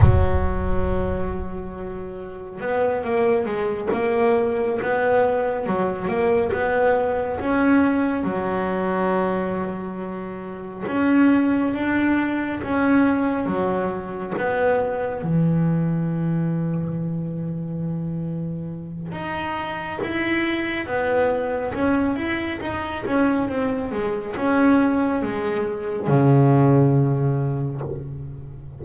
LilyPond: \new Staff \with { instrumentName = "double bass" } { \time 4/4 \tempo 4 = 69 fis2. b8 ais8 | gis8 ais4 b4 fis8 ais8 b8~ | b8 cis'4 fis2~ fis8~ | fis8 cis'4 d'4 cis'4 fis8~ |
fis8 b4 e2~ e8~ | e2 dis'4 e'4 | b4 cis'8 e'8 dis'8 cis'8 c'8 gis8 | cis'4 gis4 cis2 | }